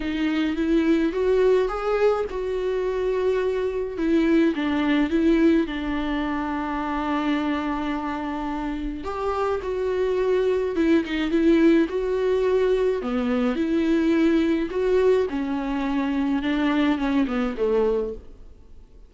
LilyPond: \new Staff \with { instrumentName = "viola" } { \time 4/4 \tempo 4 = 106 dis'4 e'4 fis'4 gis'4 | fis'2. e'4 | d'4 e'4 d'2~ | d'1 |
g'4 fis'2 e'8 dis'8 | e'4 fis'2 b4 | e'2 fis'4 cis'4~ | cis'4 d'4 cis'8 b8 a4 | }